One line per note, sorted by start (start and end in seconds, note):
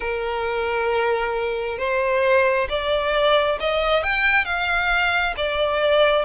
0.00 1.78 A#4
1.78 2.67 C5
2.69 3.58 D5
3.59 4.03 D#5
4.03 4.45 G5
4.45 5.34 F5
5.36 6.24 D5